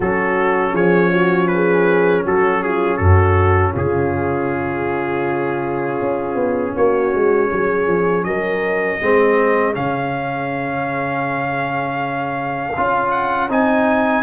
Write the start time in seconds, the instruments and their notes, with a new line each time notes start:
0.00 tuba F#3, trombone C#4, horn F#4, trumpet A4
0.73 tuba F3, horn G#4, trumpet C#5
1.12 horn F#4
1.47 trumpet B4
1.54 horn G#4
2.24 tuba F#3, horn F#4, trumpet A4
2.63 horn F4, trumpet G#4
2.97 tuba F#2, horn F#4, trumpet A4
3.72 tuba C#3, horn F4, trumpet G#4
6.00 tuba C#4
6.34 tuba B3
6.75 tuba A#3, horn F#4, trumpet C#5
7.13 tuba G#3
7.50 tuba F#3, horn G#4
7.87 tuba F3
8.23 tuba F#3, horn A#4, trumpet D#5
8.99 tuba G#3, trombone C4, horn G#4
9.73 tuba C#3, trombone C#4, trumpet F5
12.76 tuba C#4, trombone F4
13.11 trumpet F#5
13.49 tuba C4, trombone D#4, trumpet G#5